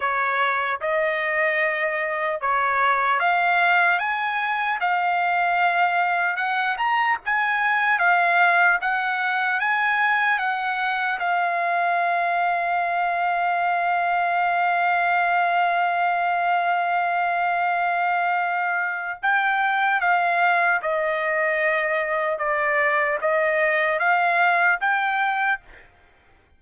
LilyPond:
\new Staff \with { instrumentName = "trumpet" } { \time 4/4 \tempo 4 = 75 cis''4 dis''2 cis''4 | f''4 gis''4 f''2 | fis''8 ais''8 gis''4 f''4 fis''4 | gis''4 fis''4 f''2~ |
f''1~ | f''1 | g''4 f''4 dis''2 | d''4 dis''4 f''4 g''4 | }